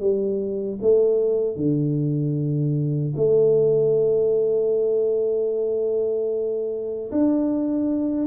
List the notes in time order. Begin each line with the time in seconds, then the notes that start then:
0.00 G3
0.82 A3
1.56 D3
3.16 A3
7.12 D4